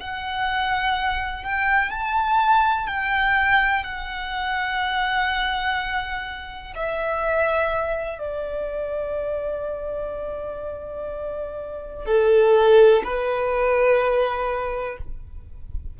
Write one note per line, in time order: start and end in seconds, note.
0.00 1.44 F#5
1.44 1.90 G5
1.90 2.87 A5
2.88 3.84 G5
3.84 6.74 F#5
6.75 8.19 E5
8.19 12.06 D5
12.06 13.02 A4
13.04 14.98 B4